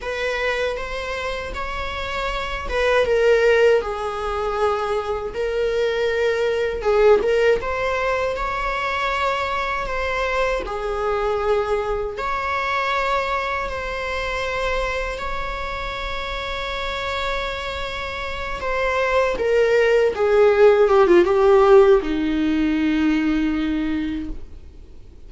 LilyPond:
\new Staff \with { instrumentName = "viola" } { \time 4/4 \tempo 4 = 79 b'4 c''4 cis''4. b'8 | ais'4 gis'2 ais'4~ | ais'4 gis'8 ais'8 c''4 cis''4~ | cis''4 c''4 gis'2 |
cis''2 c''2 | cis''1~ | cis''8 c''4 ais'4 gis'4 g'16 f'16 | g'4 dis'2. | }